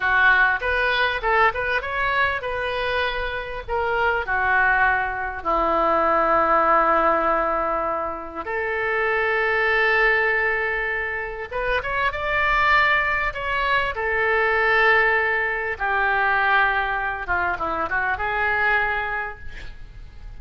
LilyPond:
\new Staff \with { instrumentName = "oboe" } { \time 4/4 \tempo 4 = 99 fis'4 b'4 a'8 b'8 cis''4 | b'2 ais'4 fis'4~ | fis'4 e'2.~ | e'2 a'2~ |
a'2. b'8 cis''8 | d''2 cis''4 a'4~ | a'2 g'2~ | g'8 f'8 e'8 fis'8 gis'2 | }